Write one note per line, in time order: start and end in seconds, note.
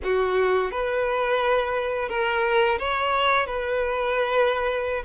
0.03 0.71 F#4
0.71 2.08 B4
2.08 2.78 A#4
2.78 3.46 C#5
3.46 5.03 B4